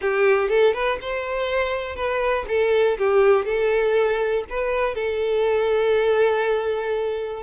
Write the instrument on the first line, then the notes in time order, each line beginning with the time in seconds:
violin
0.01 G4
0.48 A4
0.73 B4
1.01 C5
1.95 B4
2.47 A4
2.98 G4
3.45 A4
4.49 B4
4.95 A4